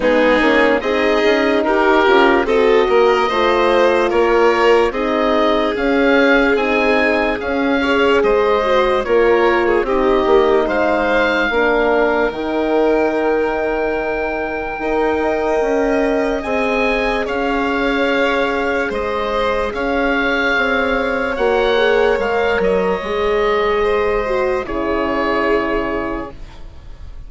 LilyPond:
<<
  \new Staff \with { instrumentName = "oboe" } { \time 4/4 \tempo 4 = 73 gis'4 dis''4 ais'4 dis''4~ | dis''4 cis''4 dis''4 f''4 | gis''4 f''4 dis''4 cis''4 | dis''4 f''2 g''4~ |
g''1 | gis''4 f''2 dis''4 | f''2 fis''4 f''8 dis''8~ | dis''2 cis''2 | }
  \new Staff \with { instrumentName = "violin" } { \time 4/4 dis'4 gis'4 g'4 a'8 ais'8 | c''4 ais'4 gis'2~ | gis'4. cis''8 c''4 ais'8. gis'16 | g'4 c''4 ais'2~ |
ais'2 dis''2~ | dis''4 cis''2 c''4 | cis''1~ | cis''4 c''4 gis'2 | }
  \new Staff \with { instrumentName = "horn" } { \time 4/4 b8 cis'8 dis'4. f'8 fis'4 | f'2 dis'4 cis'4 | dis'4 cis'8 gis'4 fis'8 f'4 | dis'2 d'4 dis'4~ |
dis'2 ais'2 | gis'1~ | gis'2 fis'8 gis'8 ais'4 | gis'4. fis'8 e'2 | }
  \new Staff \with { instrumentName = "bassoon" } { \time 4/4 gis8 ais8 c'8 cis'8 dis'8 cis'8 c'8 ais8 | a4 ais4 c'4 cis'4 | c'4 cis'4 gis4 ais4 | c'8 ais8 gis4 ais4 dis4~ |
dis2 dis'4 cis'4 | c'4 cis'2 gis4 | cis'4 c'4 ais4 gis8 fis8 | gis2 cis2 | }
>>